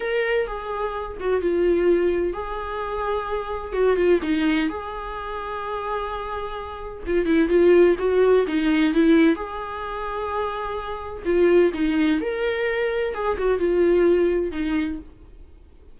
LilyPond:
\new Staff \with { instrumentName = "viola" } { \time 4/4 \tempo 4 = 128 ais'4 gis'4. fis'8 f'4~ | f'4 gis'2. | fis'8 f'8 dis'4 gis'2~ | gis'2. f'8 e'8 |
f'4 fis'4 dis'4 e'4 | gis'1 | f'4 dis'4 ais'2 | gis'8 fis'8 f'2 dis'4 | }